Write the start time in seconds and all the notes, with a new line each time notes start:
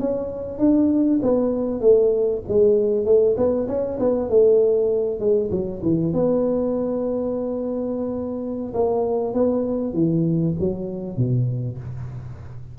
0.00 C#4
0.59 D4
1.22 B3
1.81 A3
2.49 G#3
3.06 A3
3.37 B3
3.68 C#4
4.00 B3
4.30 A3
5.20 G#3
5.51 F#3
5.83 E3
6.13 B3
8.74 A#3
9.34 B3
9.94 E3
10.59 F#3
11.17 B2